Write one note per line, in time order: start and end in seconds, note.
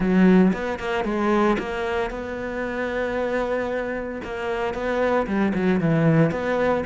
0.00 0.52 F#3
0.53 0.79 B3
0.79 1.04 A#3
1.04 1.57 G#3
1.58 2.10 A#3
2.10 4.21 B3
4.24 4.73 A#3
4.73 5.26 B3
5.26 5.53 G3
5.54 5.80 F#3
5.80 6.31 E3
6.31 6.83 B3